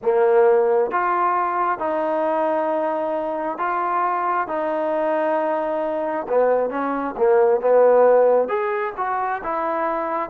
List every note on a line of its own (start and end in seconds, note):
0.02 0.91 A#3
0.91 1.78 F4
1.78 3.57 D#4
3.58 4.47 F4
4.47 6.26 D#4
6.28 6.70 B3
6.70 7.14 C#4
7.17 7.60 A#3
7.60 8.48 B3
8.48 8.93 G#4
8.97 9.42 F#4
9.43 10.29 E4